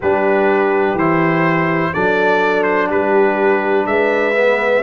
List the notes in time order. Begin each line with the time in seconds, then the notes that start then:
0.00 G3 D4 G4 B4
0.94 E3 E4 C5
1.93 F#3 D4 A4 D5
2.63 C5
2.89 G3 G4 B4
3.85 G#3 B4 E5
4.34 B3